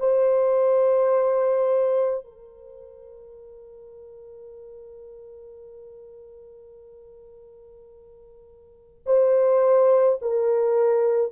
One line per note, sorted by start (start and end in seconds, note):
0.00 2.25 C5
2.25 9.04 A#4
9.06 10.19 C5
10.22 11.33 A#4